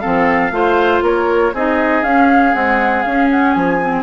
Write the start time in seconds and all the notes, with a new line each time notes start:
0.00 F3 C4 A4 F5
0.51 A3 F4 C5
1.02 A#3 A#4 C#5
1.53 C4 D#4 G#4 D#5
2.03 C#4 F5
2.53 G#3 C4 F#5
3.03 C#4 F5
3.31 F#5
3.53 F3 G#5
3.81 C4